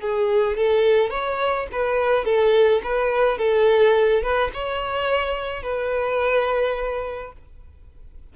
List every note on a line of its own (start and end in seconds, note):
0.00 0.57 G#4
0.57 1.10 A4
1.10 1.67 C#5
1.72 2.25 B4
2.25 2.81 A4
2.83 3.38 B4
3.38 4.22 A4
4.22 4.51 B4
4.54 5.63 C#5
5.63 7.33 B4